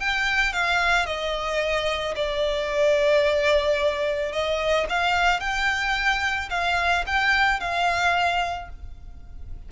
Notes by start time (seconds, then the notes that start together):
0.00 G5
0.53 F5
1.06 D#5
2.16 D5
4.32 D#5
4.89 F5
5.40 G5
6.50 F5
7.07 G5
7.60 F5